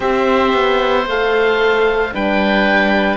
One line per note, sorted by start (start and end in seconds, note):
0.00 0.53 C4
0.00 1.05 G4
0.00 2.14 C5
0.00 1.06 E5
0.53 1.06 B3
1.06 2.13 A3
1.06 2.12 A4
1.06 2.15 F5
2.12 3.17 G3
2.12 3.17 D4
2.12 3.17 B4
2.12 3.17 G5